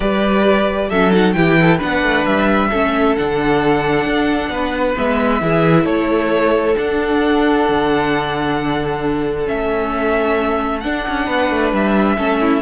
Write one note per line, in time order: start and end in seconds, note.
0.00 0.90 G3
0.00 0.90 G4
0.00 0.88 B4
0.00 0.90 D5
0.89 1.35 F#3
0.89 1.12 C#4
0.89 1.34 A4
0.89 1.12 E5
1.12 1.34 D#4
1.12 1.33 F#5
1.33 1.80 E3
1.33 1.79 E4
1.33 1.59 G4
1.33 1.78 G5
1.60 1.78 A4
1.78 2.02 B3
1.78 2.69 D4
1.78 2.68 B4
1.78 2.25 F#5
2.02 2.25 A3
2.25 2.70 G3
2.25 3.15 E5
2.70 3.17 A3
2.70 3.17 C#4
2.70 4.50 A4
3.15 4.05 D3
3.15 4.95 D4
3.15 4.96 F#5
4.05 4.48 D4
4.48 4.94 B3
4.48 5.42 B4
4.95 5.41 G#3
4.95 5.40 B3
4.95 5.85 E5
5.40 5.85 E3
5.40 6.76 E4
5.40 5.83 G#4
5.83 6.75 A3
5.83 11.25 A4
5.83 6.75 C#5
6.76 9.46 D4
6.76 7.68 D4
6.76 9.47 F#5
7.68 9.49 D3
9.46 10.84 A3
9.46 10.81 C#4
9.46 10.80 E5
10.80 12.17 D4
10.80 11.07 D4
10.80 11.70 F#5
11.07 11.27 C#4
11.25 11.50 B3
11.25 12.15 B4
11.50 11.72 A3
11.72 12.17 G3
11.72 12.62 E5
12.17 12.62 A3
12.17 12.62 C#4
12.17 12.40 A4
12.40 12.62 E4